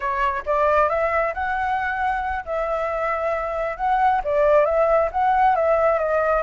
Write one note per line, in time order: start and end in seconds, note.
0.00 0.43 C#5
0.45 0.89 D5
0.89 1.33 E5
1.33 2.44 F#5
2.45 3.77 E5
3.77 4.21 F#5
4.23 4.65 D5
4.65 5.09 E5
5.11 5.55 F#5
5.55 5.98 E5
5.98 6.42 D#5